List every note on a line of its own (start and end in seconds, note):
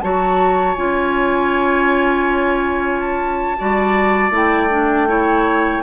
0.00 0.77 F#3
0.00 0.76 F#4
0.00 3.58 C#5
0.00 0.75 A5
0.75 3.58 C#4
0.75 3.57 F4
0.75 3.00 G#5
3.00 4.31 A5
3.58 4.30 G3
3.58 4.31 F#4
3.58 5.08 D5
4.30 5.80 A3
4.30 4.68 E4
4.30 5.83 G5
4.70 5.07 D4
5.07 5.82 E4
5.07 5.83 C#5